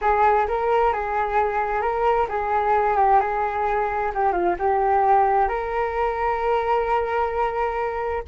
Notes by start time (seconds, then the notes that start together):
0.01 G#4
0.47 A#4
0.92 G#4
1.81 A#4
2.28 G#4
2.96 G4
3.20 G#4
4.14 G4
4.32 F4
4.58 G4
5.48 A#4